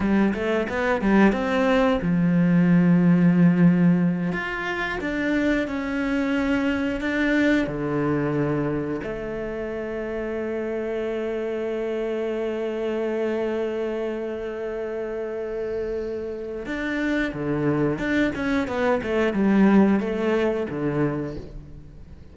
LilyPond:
\new Staff \with { instrumentName = "cello" } { \time 4/4 \tempo 4 = 90 g8 a8 b8 g8 c'4 f4~ | f2~ f8 f'4 d'8~ | d'8 cis'2 d'4 d8~ | d4. a2~ a8~ |
a1~ | a1~ | a4 d'4 d4 d'8 cis'8 | b8 a8 g4 a4 d4 | }